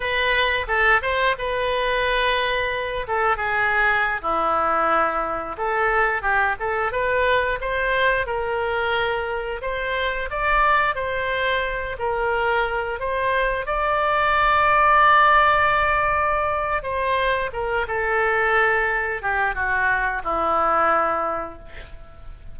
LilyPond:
\new Staff \with { instrumentName = "oboe" } { \time 4/4 \tempo 4 = 89 b'4 a'8 c''8 b'2~ | b'8 a'8 gis'4~ gis'16 e'4.~ e'16~ | e'16 a'4 g'8 a'8 b'4 c''8.~ | c''16 ais'2 c''4 d''8.~ |
d''16 c''4. ais'4. c''8.~ | c''16 d''2.~ d''8.~ | d''4 c''4 ais'8 a'4.~ | a'8 g'8 fis'4 e'2 | }